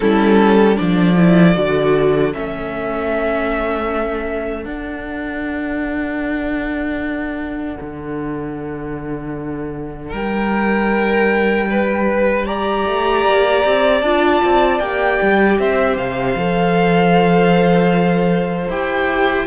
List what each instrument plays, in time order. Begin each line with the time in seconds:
0.00 cello G3, viola C#4, violin E4 A4
0.75 cello F3, viola D4, violin A4 D5
1.16 viola E4
1.54 cello D3, viola F#4
2.32 cello A3, viola C#4, violin E5
4.65 cello D4, viola D4, violin F#5
7.81 cello D3
10.10 cello G3, violin A#4 G5
11.70 violin B4
12.46 viola G4, violin D5 A#5
12.86 cello A3
13.25 cello A#3
13.64 cello C4
14.01 cello D4, viola F4, violin A5
14.44 cello C4
14.79 cello A#3, viola G4, violin G5
15.21 cello G3
15.59 cello C4, violin C5 E5
15.96 cello C3, violin F5
16.36 cello F3, viola A4
18.68 cello E4, viola G4, violin G5